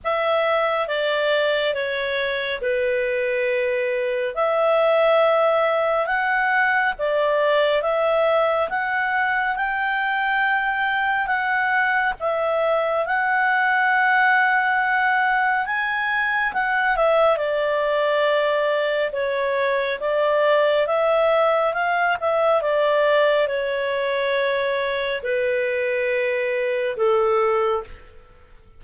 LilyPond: \new Staff \with { instrumentName = "clarinet" } { \time 4/4 \tempo 4 = 69 e''4 d''4 cis''4 b'4~ | b'4 e''2 fis''4 | d''4 e''4 fis''4 g''4~ | g''4 fis''4 e''4 fis''4~ |
fis''2 gis''4 fis''8 e''8 | d''2 cis''4 d''4 | e''4 f''8 e''8 d''4 cis''4~ | cis''4 b'2 a'4 | }